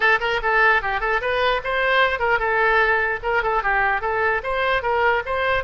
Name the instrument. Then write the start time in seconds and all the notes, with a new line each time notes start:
oboe
0.00 A4
0.20 A#4
0.42 A4
0.81 G4
1.00 A4
1.21 B4
1.63 C5
2.19 A#4
2.39 A4
3.23 A#4
3.42 A4
3.62 G4
4.01 A4
4.43 C5
4.82 A#4
5.25 C5